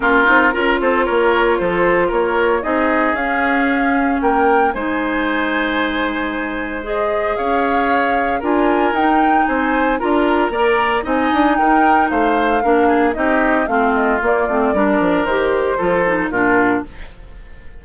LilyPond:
<<
  \new Staff \with { instrumentName = "flute" } { \time 4/4 \tempo 4 = 114 ais'4. c''8 cis''4 c''4 | cis''4 dis''4 f''2 | g''4 gis''2.~ | gis''4 dis''4 f''2 |
gis''4 g''4 gis''4 ais''4~ | ais''4 gis''4 g''4 f''4~ | f''4 dis''4 f''8 dis''8 d''4~ | d''4 c''2 ais'4 | }
  \new Staff \with { instrumentName = "oboe" } { \time 4/4 f'4 ais'8 a'8 ais'4 a'4 | ais'4 gis'2. | ais'4 c''2.~ | c''2 cis''2 |
ais'2 c''4 ais'4 | d''4 dis''4 ais'4 c''4 | ais'8 gis'8 g'4 f'2 | ais'2 a'4 f'4 | }
  \new Staff \with { instrumentName = "clarinet" } { \time 4/4 cis'8 dis'8 f'2.~ | f'4 dis'4 cis'2~ | cis'4 dis'2.~ | dis'4 gis'2. |
f'4 dis'2 f'4 | ais'4 dis'2. | d'4 dis'4 c'4 ais8 c'8 | d'4 g'4 f'8 dis'8 d'4 | }
  \new Staff \with { instrumentName = "bassoon" } { \time 4/4 ais8 c'8 cis'8 c'8 ais4 f4 | ais4 c'4 cis'2 | ais4 gis2.~ | gis2 cis'2 |
d'4 dis'4 c'4 d'4 | ais4 c'8 d'8 dis'4 a4 | ais4 c'4 a4 ais8 a8 | g8 f8 dis4 f4 ais,4 | }
>>